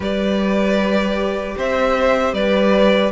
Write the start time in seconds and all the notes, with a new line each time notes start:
0.00 G3 G4 B4 D5
1.56 C4 C5 E5
2.33 G3 B4 D5